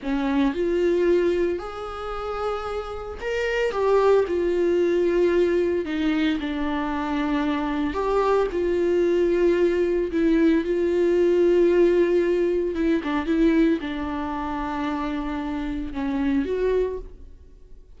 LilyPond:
\new Staff \with { instrumentName = "viola" } { \time 4/4 \tempo 4 = 113 cis'4 f'2 gis'4~ | gis'2 ais'4 g'4 | f'2. dis'4 | d'2. g'4 |
f'2. e'4 | f'1 | e'8 d'8 e'4 d'2~ | d'2 cis'4 fis'4 | }